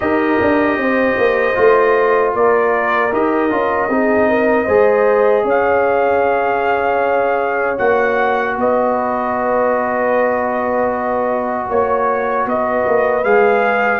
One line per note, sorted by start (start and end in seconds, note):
0.00 0.39 D#4
0.00 1.54 G4
0.00 0.80 A#4
0.00 2.31 D#5
0.41 0.77 D4
0.77 1.16 C4
0.77 2.36 C5
1.17 1.56 A#3
1.54 2.34 A3
1.54 3.10 F4
2.34 3.12 A#3
2.34 3.92 A#4
2.34 3.13 D5
3.12 3.50 D#4
3.12 3.50 G4
3.12 5.48 D#5
3.50 3.88 C#4
3.50 3.89 F4
3.88 4.66 C4
3.88 4.68 D#4
3.88 4.29 G#4
4.29 4.65 A#4
4.65 5.44 G#3
4.65 7.78 G#4
4.65 5.43 C5
5.44 7.78 C#4
5.44 8.55 C#5
5.44 7.78 F5
7.78 8.56 A#3
7.78 13.23 F#4
7.78 8.56 F#5
8.56 11.68 B3
8.56 11.68 B4
8.56 11.70 D#5
11.68 12.46 A#3
11.68 12.46 C#5
11.68 12.48 C#5
12.46 12.85 B3
12.46 14.00 B4
12.46 13.24 D#5
12.86 13.24 A#3
13.24 14.00 G#3
13.24 14.00 G#4
13.24 14.00 F5